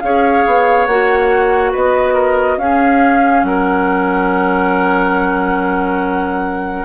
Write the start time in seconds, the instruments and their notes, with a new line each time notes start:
0.00 bassoon C#4, clarinet G#4, oboe C#5, flute F5
0.46 bassoon B3
0.86 bassoon A#3, clarinet F#4, flute F#5
1.71 bassoon B3, oboe B4, flute D#5
2.14 oboe A#4
2.57 bassoon C#4, clarinet C#4, oboe G#4, flute F5
3.43 bassoon F#3, oboe A#4, flute F#5